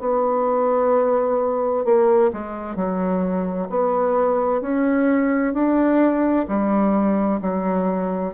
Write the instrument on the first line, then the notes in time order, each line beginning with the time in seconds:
bassoon
0.00 B3
1.85 A#3
2.33 G#3
2.76 F#3
3.70 B3
4.61 C#4
5.53 D4
6.48 G3
7.41 F#3